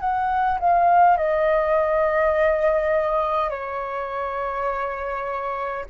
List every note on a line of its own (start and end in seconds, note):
0.00 0.59 F#5
0.60 1.18 F5
1.18 3.50 D#5
3.50 5.86 C#5